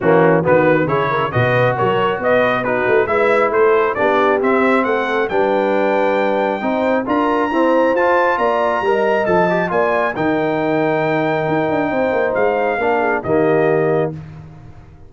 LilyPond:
<<
  \new Staff \with { instrumentName = "trumpet" } { \time 4/4 \tempo 4 = 136 fis'4 b'4 cis''4 dis''4 | cis''4 dis''4 b'4 e''4 | c''4 d''4 e''4 fis''4 | g''1 |
ais''2 a''4 ais''4~ | ais''4 a''4 gis''4 g''4~ | g''1 | f''2 dis''2 | }
  \new Staff \with { instrumentName = "horn" } { \time 4/4 cis'4 fis'4 gis'8 ais'8 b'4 | ais'4 b'4 fis'4 b'4 | a'4 g'2 a'4 | b'2. c''4 |
ais'4 c''2 d''4 | dis''2 d''4 ais'4~ | ais'2. c''4~ | c''4 ais'8 gis'8 g'2 | }
  \new Staff \with { instrumentName = "trombone" } { \time 4/4 ais4 b4 e'4 fis'4~ | fis'2 dis'4 e'4~ | e'4 d'4 c'2 | d'2. dis'4 |
f'4 c'4 f'2 | ais'4 a'8 g'8 f'4 dis'4~ | dis'1~ | dis'4 d'4 ais2 | }
  \new Staff \with { instrumentName = "tuba" } { \time 4/4 e4 dis4 cis4 b,4 | fis4 b4. a8 gis4 | a4 b4 c'4 a4 | g2. c'4 |
d'4 e'4 f'4 ais4 | g4 f4 ais4 dis4~ | dis2 dis'8 d'8 c'8 ais8 | gis4 ais4 dis2 | }
>>